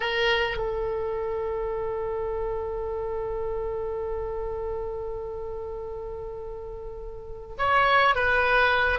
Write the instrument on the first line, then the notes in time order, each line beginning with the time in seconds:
oboe
0.00 A#4
0.57 A4
7.57 C#5
8.15 B4